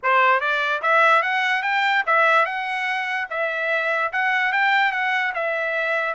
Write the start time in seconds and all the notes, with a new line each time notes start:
0.03 C5
0.40 D5
0.82 E5
1.22 F#5
1.62 G5
2.06 E5
2.45 F#5
3.30 E5
4.12 F#5
4.52 G5
4.91 F#5
5.34 E5